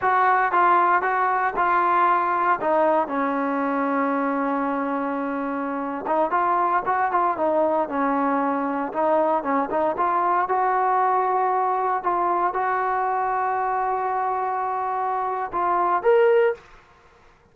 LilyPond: \new Staff \with { instrumentName = "trombone" } { \time 4/4 \tempo 4 = 116 fis'4 f'4 fis'4 f'4~ | f'4 dis'4 cis'2~ | cis'2.~ cis'8. dis'16~ | dis'16 f'4 fis'8 f'8 dis'4 cis'8.~ |
cis'4~ cis'16 dis'4 cis'8 dis'8 f'8.~ | f'16 fis'2. f'8.~ | f'16 fis'2.~ fis'8.~ | fis'2 f'4 ais'4 | }